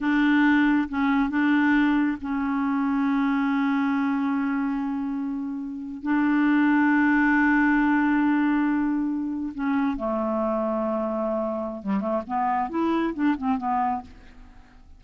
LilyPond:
\new Staff \with { instrumentName = "clarinet" } { \time 4/4 \tempo 4 = 137 d'2 cis'4 d'4~ | d'4 cis'2.~ | cis'1~ | cis'4.~ cis'16 d'2~ d'16~ |
d'1~ | d'4.~ d'16 cis'4 a4~ a16~ | a2. g8 a8 | b4 e'4 d'8 c'8 b4 | }